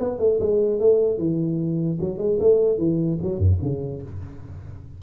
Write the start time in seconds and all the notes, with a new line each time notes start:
0.00 B3
0.19 A3
0.40 G#3
0.80 A3
1.18 E3
2.01 F#3
2.19 G#3
2.40 A3
2.79 E3
3.23 F#3
3.39 F#2
3.62 C#3